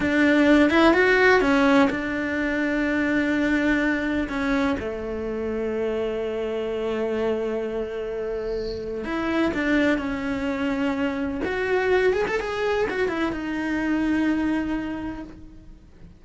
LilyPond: \new Staff \with { instrumentName = "cello" } { \time 4/4 \tempo 4 = 126 d'4. e'8 fis'4 cis'4 | d'1~ | d'4 cis'4 a2~ | a1~ |
a2. e'4 | d'4 cis'2. | fis'4. gis'16 a'16 gis'4 fis'8 e'8 | dis'1 | }